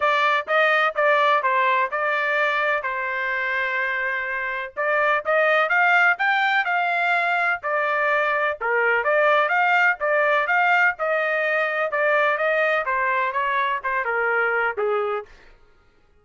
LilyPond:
\new Staff \with { instrumentName = "trumpet" } { \time 4/4 \tempo 4 = 126 d''4 dis''4 d''4 c''4 | d''2 c''2~ | c''2 d''4 dis''4 | f''4 g''4 f''2 |
d''2 ais'4 d''4 | f''4 d''4 f''4 dis''4~ | dis''4 d''4 dis''4 c''4 | cis''4 c''8 ais'4. gis'4 | }